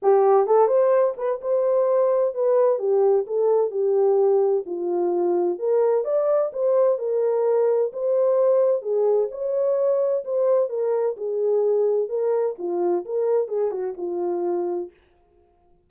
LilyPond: \new Staff \with { instrumentName = "horn" } { \time 4/4 \tempo 4 = 129 g'4 a'8 c''4 b'8 c''4~ | c''4 b'4 g'4 a'4 | g'2 f'2 | ais'4 d''4 c''4 ais'4~ |
ais'4 c''2 gis'4 | cis''2 c''4 ais'4 | gis'2 ais'4 f'4 | ais'4 gis'8 fis'8 f'2 | }